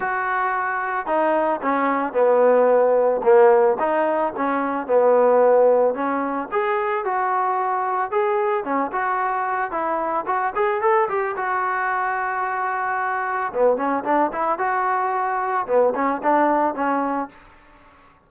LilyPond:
\new Staff \with { instrumentName = "trombone" } { \time 4/4 \tempo 4 = 111 fis'2 dis'4 cis'4 | b2 ais4 dis'4 | cis'4 b2 cis'4 | gis'4 fis'2 gis'4 |
cis'8 fis'4. e'4 fis'8 gis'8 | a'8 g'8 fis'2.~ | fis'4 b8 cis'8 d'8 e'8 fis'4~ | fis'4 b8 cis'8 d'4 cis'4 | }